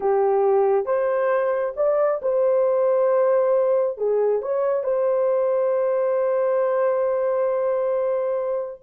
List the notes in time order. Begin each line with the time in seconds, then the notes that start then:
0.00 G4
0.85 C5
1.76 D5
2.21 C5
3.97 G#4
4.42 C#5
4.83 C5